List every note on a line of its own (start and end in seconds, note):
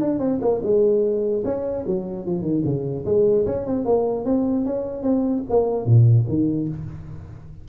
0.00 0.19 D4
0.19 0.39 C4
0.41 0.61 A#3
0.62 1.43 G#3
1.44 1.84 C#4
1.86 2.25 F#3
2.25 2.41 F3
2.41 2.61 D#3
2.64 3.05 C#3
3.05 3.45 G#3
3.46 3.66 C#4
3.66 3.85 C4
3.85 4.24 A#3
4.24 4.65 C4
4.65 5.02 C#4
5.02 5.43 C4
5.49 5.85 A#3
5.85 6.25 A#2
6.28 6.68 D#3